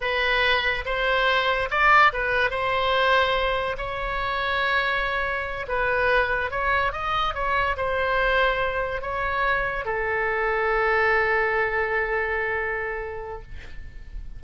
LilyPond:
\new Staff \with { instrumentName = "oboe" } { \time 4/4 \tempo 4 = 143 b'2 c''2 | d''4 b'4 c''2~ | c''4 cis''2.~ | cis''4. b'2 cis''8~ |
cis''8 dis''4 cis''4 c''4.~ | c''4. cis''2 a'8~ | a'1~ | a'1 | }